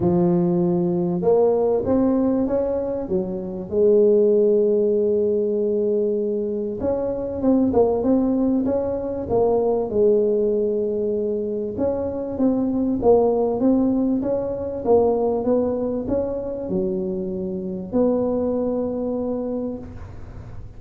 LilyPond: \new Staff \with { instrumentName = "tuba" } { \time 4/4 \tempo 4 = 97 f2 ais4 c'4 | cis'4 fis4 gis2~ | gis2. cis'4 | c'8 ais8 c'4 cis'4 ais4 |
gis2. cis'4 | c'4 ais4 c'4 cis'4 | ais4 b4 cis'4 fis4~ | fis4 b2. | }